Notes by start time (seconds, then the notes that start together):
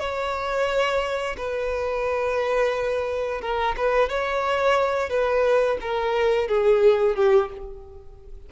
0.00 C#5
1.37 B4
3.41 A#4
3.77 B4
4.09 C#5
5.10 B4
5.81 A#4
6.48 G#4
7.16 G4